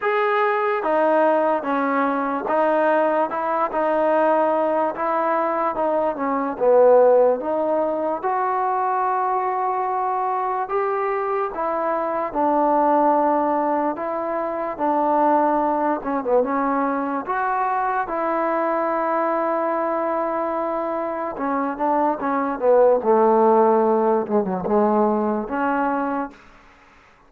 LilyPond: \new Staff \with { instrumentName = "trombone" } { \time 4/4 \tempo 4 = 73 gis'4 dis'4 cis'4 dis'4 | e'8 dis'4. e'4 dis'8 cis'8 | b4 dis'4 fis'2~ | fis'4 g'4 e'4 d'4~ |
d'4 e'4 d'4. cis'16 b16 | cis'4 fis'4 e'2~ | e'2 cis'8 d'8 cis'8 b8 | a4. gis16 fis16 gis4 cis'4 | }